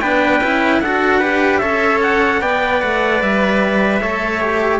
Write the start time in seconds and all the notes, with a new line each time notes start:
0.00 B3 D4 B4 G5
0.41 C#4 E4
0.81 D4 F#4 A4 F#5
1.19 G4 B4
1.58 C#4 A4 C#5 E5
2.02 F#5
2.41 B3 B4 D5 G5
2.81 A3 F#5
3.22 G3 E5
4.01 A3 A4 C#5
4.41 G4